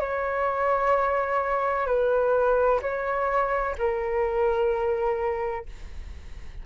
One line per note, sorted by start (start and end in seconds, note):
0.00 1.86 C#5
1.86 2.80 B4
2.82 3.75 C#5
3.78 5.66 A#4